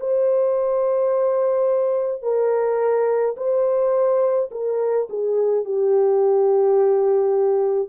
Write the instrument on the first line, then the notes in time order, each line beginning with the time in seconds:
horn
0.00 C5
2.23 A#4
3.37 C5
4.51 A#4
5.10 G#4
5.65 G4